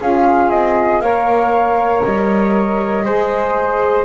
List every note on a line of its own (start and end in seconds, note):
0.00 0.51 C#4
0.00 1.02 F4
0.00 1.02 G#4
0.00 0.50 F5
0.50 1.00 C4
0.50 1.01 D#5
1.00 2.01 A#3
1.00 3.04 A#4
1.00 3.05 C#5
1.00 2.02 F5
2.03 3.06 G3
2.03 4.05 D#5
3.04 4.05 G#3
3.04 4.05 G#4
3.04 4.05 C5